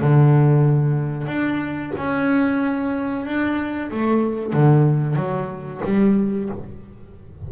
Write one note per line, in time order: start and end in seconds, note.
0.00 1.27 D3
1.27 1.92 D4
1.97 3.25 C#4
3.25 3.90 D4
3.91 4.53 A3
4.53 5.16 D3
5.16 5.81 F#3
5.84 6.49 G3